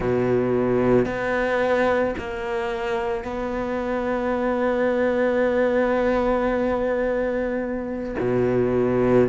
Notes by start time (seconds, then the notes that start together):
0.00 B2
1.05 B3
2.18 A#3
3.24 B3
8.19 B2